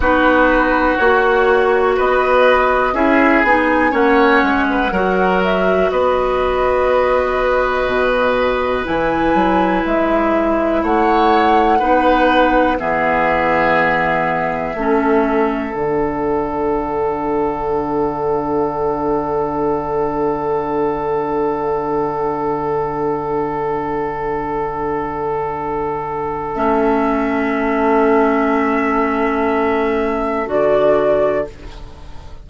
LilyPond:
<<
  \new Staff \with { instrumentName = "flute" } { \time 4/4 \tempo 4 = 61 b'4 cis''4 dis''4 e''8 gis''8 | fis''4. e''8 dis''2~ | dis''4 gis''4 e''4 fis''4~ | fis''4 e''2. |
fis''1~ | fis''1~ | fis''2. e''4~ | e''2. d''4 | }
  \new Staff \with { instrumentName = "oboe" } { \time 4/4 fis'2 b'4 gis'4 | cis''8. b'16 ais'4 b'2~ | b'2. cis''4 | b'4 gis'2 a'4~ |
a'1~ | a'1~ | a'1~ | a'1 | }
  \new Staff \with { instrumentName = "clarinet" } { \time 4/4 dis'4 fis'2 e'8 dis'8 | cis'4 fis'2.~ | fis'4 e'2. | dis'4 b2 cis'4 |
d'1~ | d'1~ | d'2. cis'4~ | cis'2. fis'4 | }
  \new Staff \with { instrumentName = "bassoon" } { \time 4/4 b4 ais4 b4 cis'8 b8 | ais8 gis8 fis4 b2 | b,4 e8 fis8 gis4 a4 | b4 e2 a4 |
d1~ | d1~ | d2. a4~ | a2. d4 | }
>>